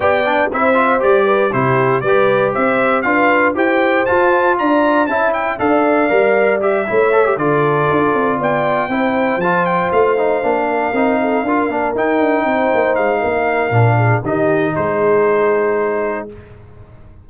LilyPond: <<
  \new Staff \with { instrumentName = "trumpet" } { \time 4/4 \tempo 4 = 118 g''4 e''4 d''4 c''4 | d''4 e''4 f''4 g''4 | a''4 ais''4 a''8 g''8 f''4~ | f''4 e''4. d''4.~ |
d''8 g''2 a''8 g''8 f''8~ | f''2.~ f''8 g''8~ | g''4. f''2~ f''8 | dis''4 c''2. | }
  \new Staff \with { instrumentName = "horn" } { \time 4/4 d''4 c''4. b'8 g'4 | b'4 c''4 b'4 c''4~ | c''4 d''4 e''4 d''4~ | d''4. cis''4 a'4.~ |
a'8 d''4 c''2~ c''8~ | c''4 ais'4 a'8 ais'4.~ | ais'8 c''4. ais'4. gis'8 | g'4 gis'2. | }
  \new Staff \with { instrumentName = "trombone" } { \time 4/4 g'8 d'8 e'8 f'8 g'4 e'4 | g'2 f'4 g'4 | f'2 e'4 a'4 | ais'4 g'8 e'8 a'16 g'16 f'4.~ |
f'4. e'4 f'4. | dis'8 d'4 dis'4 f'8 d'8 dis'8~ | dis'2. d'4 | dis'1 | }
  \new Staff \with { instrumentName = "tuba" } { \time 4/4 b4 c'4 g4 c4 | g4 c'4 d'4 e'4 | f'4 d'4 cis'4 d'4 | g4. a4 d4 d'8 |
c'8 b4 c'4 f4 a8~ | a8 ais4 c'4 d'8 ais8 dis'8 | d'8 c'8 ais8 gis8 ais4 ais,4 | dis4 gis2. | }
>>